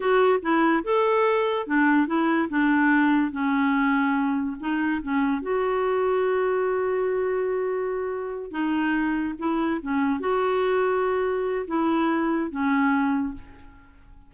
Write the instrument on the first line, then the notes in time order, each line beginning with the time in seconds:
clarinet
0.00 F#4
0.41 E4
0.84 A4
1.66 D4
2.06 E4
2.49 D4
3.31 C#4
4.59 D#4
5.02 C#4
5.42 F#4
8.51 D#4
9.39 E4
9.81 C#4
10.20 F#4
11.67 E4
12.50 C#4